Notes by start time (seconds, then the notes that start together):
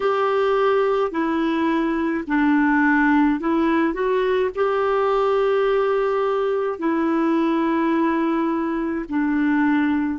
0.00 G4
1.11 E4
2.26 D4
3.40 E4
3.93 F#4
4.55 G4
6.79 E4
9.09 D4